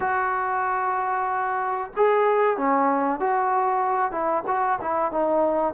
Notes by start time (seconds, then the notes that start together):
0.00 F#4
1.96 G#4
2.57 C#4
3.19 F#4
4.11 E4
4.47 F#4
4.81 E4
5.11 D#4